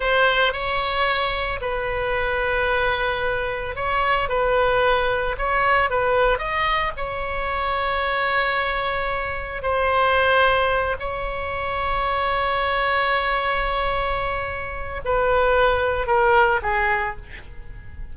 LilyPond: \new Staff \with { instrumentName = "oboe" } { \time 4/4 \tempo 4 = 112 c''4 cis''2 b'4~ | b'2. cis''4 | b'2 cis''4 b'4 | dis''4 cis''2.~ |
cis''2 c''2~ | c''8 cis''2.~ cis''8~ | cis''1 | b'2 ais'4 gis'4 | }